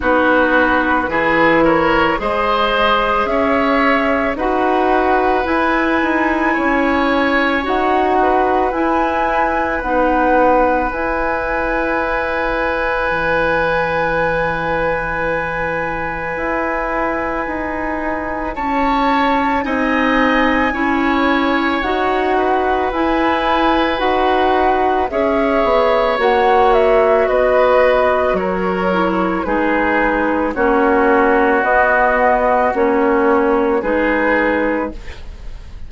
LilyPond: <<
  \new Staff \with { instrumentName = "flute" } { \time 4/4 \tempo 4 = 55 b'4. cis''8 dis''4 e''4 | fis''4 gis''2 fis''4 | gis''4 fis''4 gis''2~ | gis''1~ |
gis''4 a''4 gis''2 | fis''4 gis''4 fis''4 e''4 | fis''8 e''8 dis''4 cis''4 b'4 | cis''4 dis''4 cis''4 b'4 | }
  \new Staff \with { instrumentName = "oboe" } { \time 4/4 fis'4 gis'8 ais'8 c''4 cis''4 | b'2 cis''4. b'8~ | b'1~ | b'1~ |
b'4 cis''4 dis''4 cis''4~ | cis''8 b'2~ b'8 cis''4~ | cis''4 b'4 ais'4 gis'4 | fis'2. gis'4 | }
  \new Staff \with { instrumentName = "clarinet" } { \time 4/4 dis'4 e'4 gis'2 | fis'4 e'2 fis'4 | e'4 dis'4 e'2~ | e'1~ |
e'2 dis'4 e'4 | fis'4 e'4 fis'4 gis'4 | fis'2~ fis'8 e'8 dis'4 | cis'4 b4 cis'4 dis'4 | }
  \new Staff \with { instrumentName = "bassoon" } { \time 4/4 b4 e4 gis4 cis'4 | dis'4 e'8 dis'8 cis'4 dis'4 | e'4 b4 e'2 | e2. e'4 |
dis'4 cis'4 c'4 cis'4 | dis'4 e'4 dis'4 cis'8 b8 | ais4 b4 fis4 gis4 | ais4 b4 ais4 gis4 | }
>>